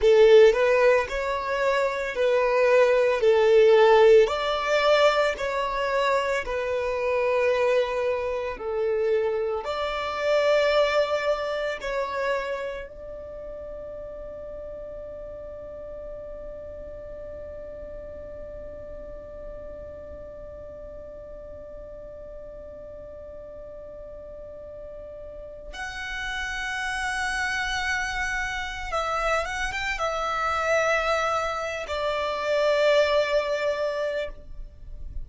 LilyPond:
\new Staff \with { instrumentName = "violin" } { \time 4/4 \tempo 4 = 56 a'8 b'8 cis''4 b'4 a'4 | d''4 cis''4 b'2 | a'4 d''2 cis''4 | d''1~ |
d''1~ | d''1 | fis''2. e''8 fis''16 g''16 | e''4.~ e''16 d''2~ d''16 | }